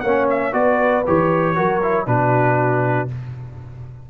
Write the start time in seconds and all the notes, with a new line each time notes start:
0.00 A#3 C#4 C#5 F#5
0.29 E5
0.52 B3 F#4 B4 D5
1.06 E3 G4 C#5
1.55 F#3 F#4 A#4
1.82 E4
2.06 B2 D4 F#4 B4